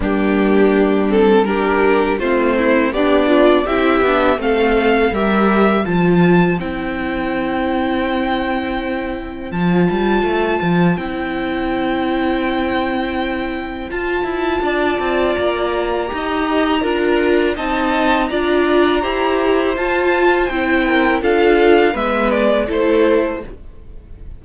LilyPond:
<<
  \new Staff \with { instrumentName = "violin" } { \time 4/4 \tempo 4 = 82 g'4. a'8 ais'4 c''4 | d''4 e''4 f''4 e''4 | a''4 g''2.~ | g''4 a''2 g''4~ |
g''2. a''4~ | a''4 ais''2. | a''4 ais''2 a''4 | g''4 f''4 e''8 d''8 c''4 | }
  \new Staff \with { instrumentName = "violin" } { \time 4/4 d'2 g'4 f'8 e'8 | d'4 g'4 a'4 ais'4 | c''1~ | c''1~ |
c''1 | d''2 dis''4 ais'4 | dis''4 d''4 c''2~ | c''8 ais'8 a'4 b'4 a'4 | }
  \new Staff \with { instrumentName = "viola" } { \time 4/4 ais4. c'8 d'4 c'4 | g'8 f'8 e'8 d'8 c'4 g'4 | f'4 e'2.~ | e'4 f'2 e'4~ |
e'2. f'4~ | f'2 g'4 f'4 | dis'4 f'4 g'4 f'4 | e'4 f'4 b4 e'4 | }
  \new Staff \with { instrumentName = "cello" } { \time 4/4 g2. a4 | b4 c'8 b8 a4 g4 | f4 c'2.~ | c'4 f8 g8 a8 f8 c'4~ |
c'2. f'8 e'8 | d'8 c'8 ais4 dis'4 d'4 | c'4 d'4 e'4 f'4 | c'4 d'4 gis4 a4 | }
>>